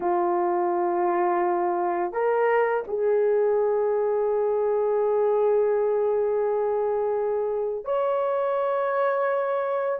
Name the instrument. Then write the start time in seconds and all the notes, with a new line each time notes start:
horn
0.00 F4
2.12 A#4
2.87 G#4
7.84 C#5